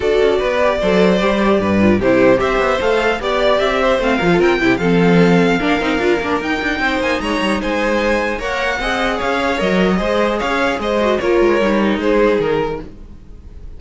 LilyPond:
<<
  \new Staff \with { instrumentName = "violin" } { \time 4/4 \tempo 4 = 150 d''1~ | d''4 c''4 e''4 f''4 | d''4 e''4 f''4 g''4 | f''1 |
g''4. gis''8 ais''4 gis''4~ | gis''4 fis''2 f''4 | dis''2 f''4 dis''4 | cis''2 c''4 ais'4 | }
  \new Staff \with { instrumentName = "violin" } { \time 4/4 a'4 b'4 c''2 | b'4 g'4 c''2 | d''4. c''4 ais'16 a'16 ais'8 g'8 | a'2 ais'2~ |
ais'4 c''4 cis''4 c''4~ | c''4 cis''4 dis''4 cis''4~ | cis''4 c''4 cis''4 c''4 | ais'2 gis'2 | }
  \new Staff \with { instrumentName = "viola" } { \time 4/4 fis'4. g'8 a'4 g'4~ | g'8 f'8 e'4 g'4 a'4 | g'2 c'8 f'4 e'8 | c'2 d'8 dis'8 f'8 d'8 |
dis'1~ | dis'4 ais'4 gis'2 | ais'4 gis'2~ gis'8 fis'8 | f'4 dis'2. | }
  \new Staff \with { instrumentName = "cello" } { \time 4/4 d'8 cis'8 b4 fis4 g4 | g,4 c4 c'8 b8 a4 | b4 c'4 a8 f8 c'8 c8 | f2 ais8 c'8 d'8 ais8 |
dis'8 d'8 c'8 ais8 gis8 g8 gis4~ | gis4 ais4 c'4 cis'4 | fis4 gis4 cis'4 gis4 | ais8 gis8 g4 gis4 dis4 | }
>>